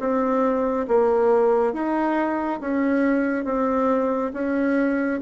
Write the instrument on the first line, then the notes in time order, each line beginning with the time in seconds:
bassoon
0.00 C4
0.88 A#3
1.73 D#4
2.61 C#4
3.45 C4
4.34 C#4